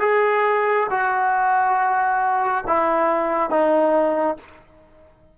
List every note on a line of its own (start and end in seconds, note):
0.00 0.87 G#4
0.90 2.64 F#4
2.67 3.50 E4
3.50 4.37 D#4